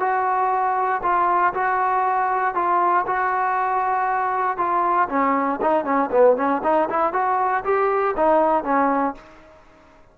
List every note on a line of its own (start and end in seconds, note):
0.00 1.02 F#4
1.03 1.53 F4
1.54 2.55 F#4
2.55 3.06 F4
3.06 4.57 F#4
4.57 5.08 F4
5.09 5.60 C#4
5.62 5.85 D#4
5.85 6.10 C#4
6.12 6.37 B3
6.37 6.62 C#4
6.64 6.89 D#4
6.90 7.13 E4
7.13 7.64 F#4
7.64 8.15 G4
8.17 8.64 D#4
8.64 9.15 C#4